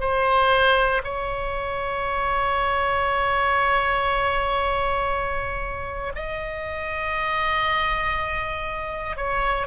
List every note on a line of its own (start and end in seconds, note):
0.00 1.02 C5
1.04 6.12 C#5
6.15 9.17 D#5
9.17 9.67 C#5